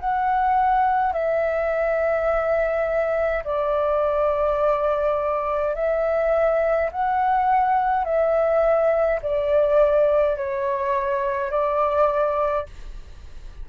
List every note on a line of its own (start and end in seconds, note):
0.00 1.13 F#5
1.13 3.44 E5
3.45 5.75 D5
5.75 6.91 E5
6.92 8.05 F#5
8.05 9.20 E5
9.23 10.37 D5
10.37 11.51 C#5
11.51 12.67 D5